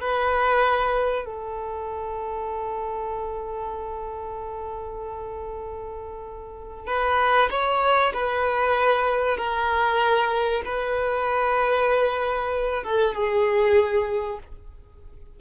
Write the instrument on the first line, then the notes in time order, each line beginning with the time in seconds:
violin
0.00 B4
1.25 A4
6.87 B4
7.50 C#5
8.13 B4
9.37 A#4
10.65 B4
12.84 A4
13.14 G#4